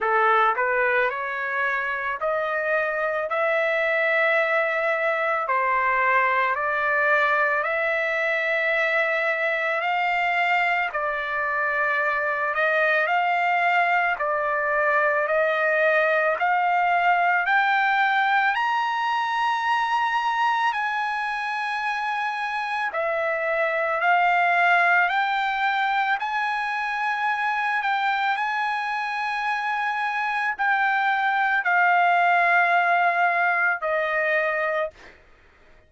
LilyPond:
\new Staff \with { instrumentName = "trumpet" } { \time 4/4 \tempo 4 = 55 a'8 b'8 cis''4 dis''4 e''4~ | e''4 c''4 d''4 e''4~ | e''4 f''4 d''4. dis''8 | f''4 d''4 dis''4 f''4 |
g''4 ais''2 gis''4~ | gis''4 e''4 f''4 g''4 | gis''4. g''8 gis''2 | g''4 f''2 dis''4 | }